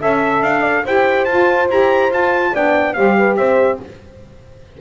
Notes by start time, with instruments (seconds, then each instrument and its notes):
0.00 double bass C#4, saxophone A4, horn E5, trumpet E5
0.41 double bass D4, trumpet F5
0.61 horn D5
0.85 double bass E4, saxophone G4, horn C5, trumpet G5
1.25 double bass F4, saxophone F4, trumpet A5
1.69 double bass E4, saxophone G4, trumpet A#5
2.10 saxophone F4, double bass F4, trumpet A5
2.53 double bass B3, saxophone D4, horn D5, trumpet G5
2.94 double bass G3, saxophone G4, horn C5, trumpet F5
3.18 horn B4
3.36 double bass C4, horn C5, trumpet E5